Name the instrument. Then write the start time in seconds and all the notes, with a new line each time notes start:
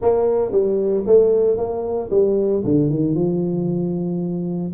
tuba
0.01 A#3
0.51 G3
1.06 A3
1.57 A#3
2.10 G3
2.64 D3
2.90 D#3
3.14 F3